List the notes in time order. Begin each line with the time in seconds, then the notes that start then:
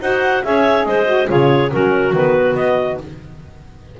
0.00 D#4 F#4 C5 F#5
0.44 C#4 G#4 C#5 E5
0.85 G#3 C5 D#5
1.05 F#4
1.26 C#3 F4 G#4 C#5
1.71 F#3 C#4 F#4 A#4
2.12 D#3 B3 B4
2.55 B3 D#5